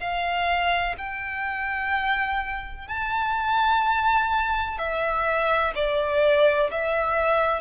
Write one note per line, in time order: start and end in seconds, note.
0.00 0.95 F5
0.98 2.88 G5
2.88 4.78 A5
4.78 5.74 E5
5.75 6.70 D5
6.71 7.61 E5